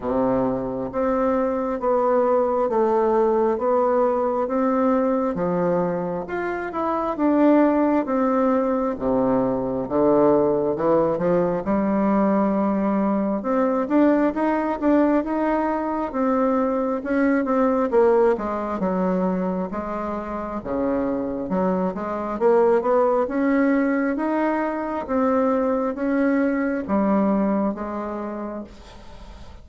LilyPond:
\new Staff \with { instrumentName = "bassoon" } { \time 4/4 \tempo 4 = 67 c4 c'4 b4 a4 | b4 c'4 f4 f'8 e'8 | d'4 c'4 c4 d4 | e8 f8 g2 c'8 d'8 |
dis'8 d'8 dis'4 c'4 cis'8 c'8 | ais8 gis8 fis4 gis4 cis4 | fis8 gis8 ais8 b8 cis'4 dis'4 | c'4 cis'4 g4 gis4 | }